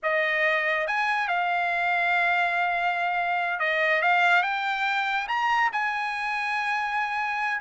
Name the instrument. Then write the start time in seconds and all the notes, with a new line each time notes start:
trumpet
0.02 D#5
0.87 G#5
1.28 F5
3.59 D#5
4.02 F5
4.42 G5
5.28 A#5
5.72 G#5